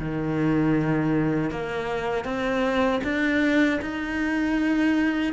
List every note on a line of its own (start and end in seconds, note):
0.00 1.51 D#3
1.51 2.25 A#3
2.25 3.01 C4
3.04 3.80 D4
3.82 5.33 D#4